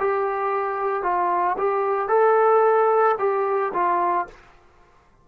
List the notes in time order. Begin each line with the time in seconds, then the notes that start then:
0.00 G4
1.03 F4
1.58 G4
2.08 A4
3.19 G4
3.74 F4